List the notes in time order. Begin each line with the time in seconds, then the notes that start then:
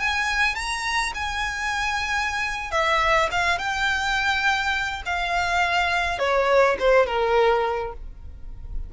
0.00 G#5
0.55 A#5
1.15 G#5
2.72 E5
3.31 F5
3.58 G5
5.06 F5
6.19 C#5
6.79 C5
7.07 A#4